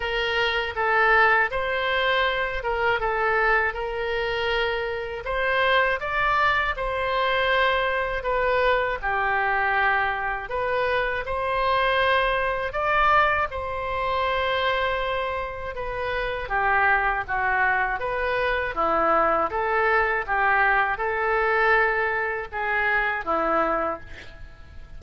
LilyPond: \new Staff \with { instrumentName = "oboe" } { \time 4/4 \tempo 4 = 80 ais'4 a'4 c''4. ais'8 | a'4 ais'2 c''4 | d''4 c''2 b'4 | g'2 b'4 c''4~ |
c''4 d''4 c''2~ | c''4 b'4 g'4 fis'4 | b'4 e'4 a'4 g'4 | a'2 gis'4 e'4 | }